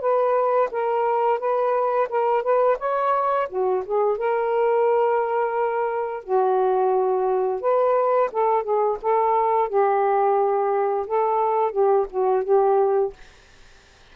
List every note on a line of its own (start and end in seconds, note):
0.00 0.69 B4
0.71 1.39 A#4
1.39 2.08 B4
2.09 2.42 A#4
2.42 2.77 B4
2.78 3.47 C#5
3.49 3.83 F#4
3.85 4.17 G#4
4.17 6.23 A#4
6.23 7.61 F#4
7.61 8.29 B4
8.32 8.63 A4
8.63 8.97 G#4
9.02 9.68 A4
9.68 11.06 G4
11.06 11.71 A4
11.71 12.06 G4
12.10 12.44 F#4
12.44 13.13 G4